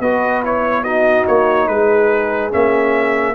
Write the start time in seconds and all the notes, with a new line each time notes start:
0.00 B3 F#4 B4 D#5
0.45 E4 C#5
0.84 D#4 F#4 D#5
1.28 A#3 C#5
1.68 G#3 G#4 B4
2.52 A#3 C#4 E5